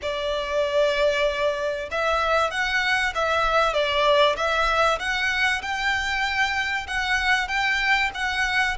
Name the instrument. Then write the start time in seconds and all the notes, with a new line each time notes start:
violin
0.01 D5
1.91 E5
2.50 F#5
3.14 E5
3.73 D5
4.36 E5
4.99 F#5
5.61 G5
6.87 F#5
7.47 G5
8.14 F#5